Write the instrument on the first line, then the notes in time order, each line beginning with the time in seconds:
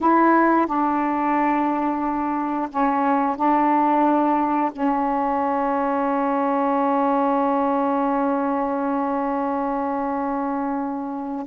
saxophone
0.01 E4
0.66 D4
2.70 C#4
3.36 D4
4.72 C#4